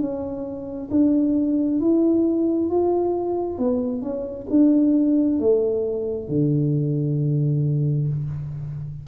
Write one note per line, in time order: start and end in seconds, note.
0.00 0.90 C#4
0.91 1.81 D4
1.81 2.70 E4
2.70 3.59 F4
3.59 4.02 B3
4.02 4.47 C#4
4.50 5.40 D4
5.40 6.28 A3
6.28 8.08 D3